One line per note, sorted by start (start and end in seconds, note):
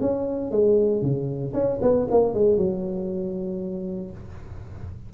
0.00 0.51 C#4
0.51 1.02 G#3
1.02 1.53 C#3
1.53 1.79 C#4
1.81 2.07 B3
2.10 2.34 A#3
2.34 2.57 G#3
2.57 4.11 F#3